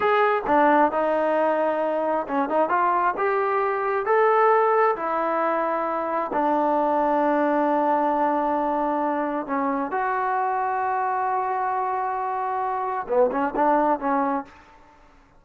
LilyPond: \new Staff \with { instrumentName = "trombone" } { \time 4/4 \tempo 4 = 133 gis'4 d'4 dis'2~ | dis'4 cis'8 dis'8 f'4 g'4~ | g'4 a'2 e'4~ | e'2 d'2~ |
d'1~ | d'4 cis'4 fis'2~ | fis'1~ | fis'4 b8 cis'8 d'4 cis'4 | }